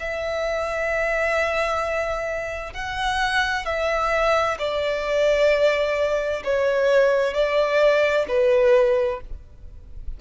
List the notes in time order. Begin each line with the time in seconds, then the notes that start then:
0.00 E5
2.74 F#5
3.66 E5
4.59 D5
6.45 C#5
7.34 D5
8.29 B4